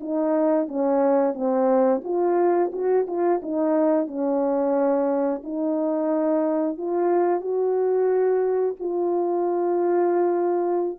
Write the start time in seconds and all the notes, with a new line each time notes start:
0.00 D#4
0.68 C#4
1.34 C4
2.03 F4
2.72 F#4
3.07 F4
3.42 D#4
4.07 C#4
5.43 D#4
6.77 F4
7.40 F#4
8.79 F4